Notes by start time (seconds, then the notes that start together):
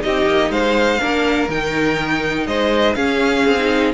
0.00 C4 D#4 G4 D#5
0.26 A#3
0.50 G#3 C5 F5
1.00 A#3 D4 A#4
1.48 D#3 D#4 G5
2.47 G#3 C5 D#5
2.95 C#4 G#4 F5
3.45 C4
3.59 D#4